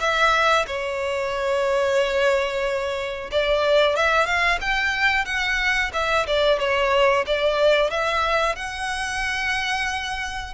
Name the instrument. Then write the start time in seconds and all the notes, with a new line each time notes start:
violin
0.00 E5
0.67 C#5
3.31 D5
3.96 E5
4.26 F5
4.61 G5
5.25 F#5
5.93 E5
6.27 D5
6.59 C#5
7.26 D5
7.91 E5
8.56 F#5